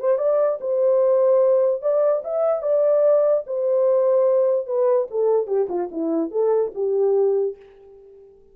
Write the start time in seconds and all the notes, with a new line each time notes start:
0.00 C5
0.18 D5
0.61 C5
1.82 D5
2.24 E5
2.62 D5
3.47 C5
4.67 B4
5.11 A4
5.47 G4
5.69 F4
5.92 E4
6.31 A4
6.75 G4